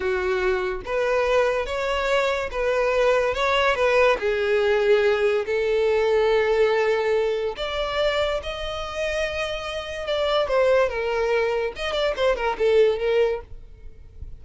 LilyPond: \new Staff \with { instrumentName = "violin" } { \time 4/4 \tempo 4 = 143 fis'2 b'2 | cis''2 b'2 | cis''4 b'4 gis'2~ | gis'4 a'2.~ |
a'2 d''2 | dis''1 | d''4 c''4 ais'2 | dis''8 d''8 c''8 ais'8 a'4 ais'4 | }